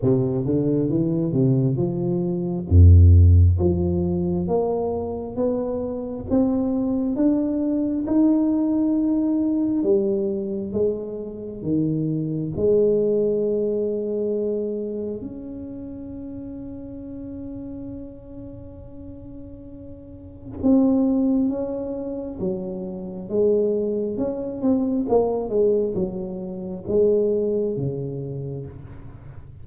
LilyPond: \new Staff \with { instrumentName = "tuba" } { \time 4/4 \tempo 4 = 67 c8 d8 e8 c8 f4 f,4 | f4 ais4 b4 c'4 | d'4 dis'2 g4 | gis4 dis4 gis2~ |
gis4 cis'2.~ | cis'2. c'4 | cis'4 fis4 gis4 cis'8 c'8 | ais8 gis8 fis4 gis4 cis4 | }